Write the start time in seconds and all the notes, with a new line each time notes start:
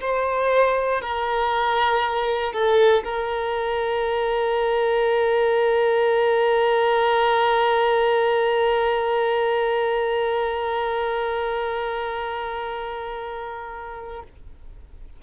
0.00 C5
1.01 A#4
2.52 A4
3.04 A#4